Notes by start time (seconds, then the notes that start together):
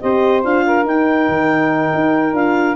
0.00 C4 G4 C5 D#5
0.43 D4 F4 F5
0.65 A#4
0.85 D#4 G5
1.28 D#3
1.94 D#4
2.33 D4 F4 F5